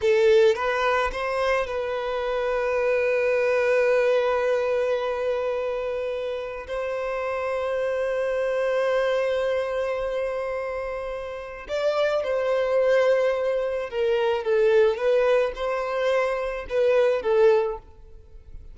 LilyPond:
\new Staff \with { instrumentName = "violin" } { \time 4/4 \tempo 4 = 108 a'4 b'4 c''4 b'4~ | b'1~ | b'1 | c''1~ |
c''1~ | c''4 d''4 c''2~ | c''4 ais'4 a'4 b'4 | c''2 b'4 a'4 | }